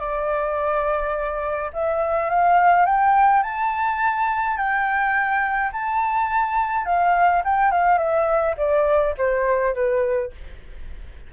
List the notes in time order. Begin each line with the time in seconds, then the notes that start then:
0.00 D5
1.74 E5
2.30 F5
2.86 G5
3.43 A5
4.57 G5
5.73 A5
6.86 F5
7.45 G5
7.72 F5
7.98 E5
8.58 D5
9.18 C5
9.75 B4